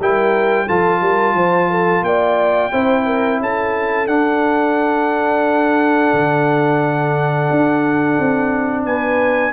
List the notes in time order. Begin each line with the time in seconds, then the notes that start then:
0.00 G3 E4 A#4 G5
0.66 F3 F4 A4 A5
1.01 G3 A#4
1.35 F3 C5
1.70 A4
2.03 A#3 D5 G5
2.72 C4 E4 C5
3.06 A#4
3.40 C#4 A4 A5
4.07 D4 F#5
6.13 D3
7.50 D4
8.20 C4
8.86 B3 B4 G#5